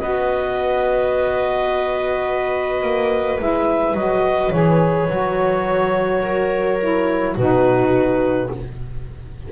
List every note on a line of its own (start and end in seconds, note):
0.00 2.83 B3
0.00 3.39 F#4
0.00 6.22 B4
0.00 3.40 D#5
2.83 3.40 A#3
3.39 3.94 G#3
3.39 3.96 E4
3.39 3.96 E5
3.94 4.51 F#3
3.94 4.52 F#4
3.94 4.53 D#5
4.52 5.10 E3
4.52 5.08 G#4
4.52 7.36 C#5
5.09 7.36 F#3
5.09 6.79 F#4
6.22 7.34 A#4
6.80 7.36 E4
7.34 8.50 B2
7.34 8.52 D#4
7.34 8.47 F#4
7.34 8.52 B4